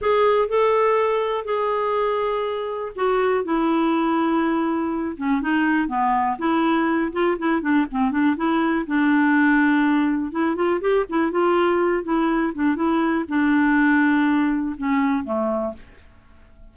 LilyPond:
\new Staff \with { instrumentName = "clarinet" } { \time 4/4 \tempo 4 = 122 gis'4 a'2 gis'4~ | gis'2 fis'4 e'4~ | e'2~ e'8 cis'8 dis'4 | b4 e'4. f'8 e'8 d'8 |
c'8 d'8 e'4 d'2~ | d'4 e'8 f'8 g'8 e'8 f'4~ | f'8 e'4 d'8 e'4 d'4~ | d'2 cis'4 a4 | }